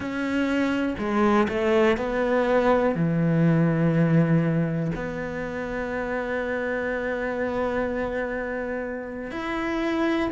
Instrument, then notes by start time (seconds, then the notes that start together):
cello
0.00 C#4
0.98 G#3
1.48 A3
1.97 B3
2.95 E3
4.94 B3
9.31 E4